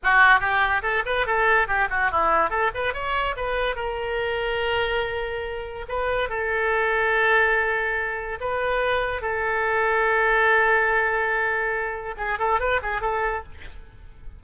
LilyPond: \new Staff \with { instrumentName = "oboe" } { \time 4/4 \tempo 4 = 143 fis'4 g'4 a'8 b'8 a'4 | g'8 fis'8 e'4 a'8 b'8 cis''4 | b'4 ais'2.~ | ais'2 b'4 a'4~ |
a'1 | b'2 a'2~ | a'1~ | a'4 gis'8 a'8 b'8 gis'8 a'4 | }